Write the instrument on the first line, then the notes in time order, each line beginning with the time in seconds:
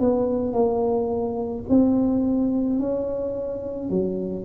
tuba
0.00 B3
0.53 A#3
1.69 C4
2.79 C#4
3.90 F#3